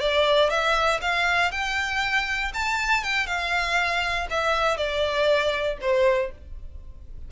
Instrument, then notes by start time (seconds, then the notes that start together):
violin
0.00 D5
0.50 E5
1.01 F5
1.51 G5
2.54 A5
3.03 G5
3.27 F5
4.30 E5
4.77 D5
5.81 C5